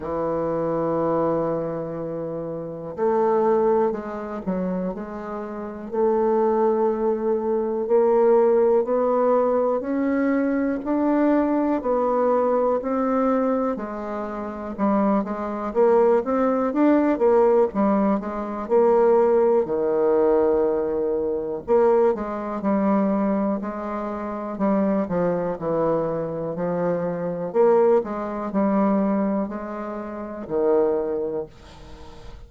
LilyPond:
\new Staff \with { instrumentName = "bassoon" } { \time 4/4 \tempo 4 = 61 e2. a4 | gis8 fis8 gis4 a2 | ais4 b4 cis'4 d'4 | b4 c'4 gis4 g8 gis8 |
ais8 c'8 d'8 ais8 g8 gis8 ais4 | dis2 ais8 gis8 g4 | gis4 g8 f8 e4 f4 | ais8 gis8 g4 gis4 dis4 | }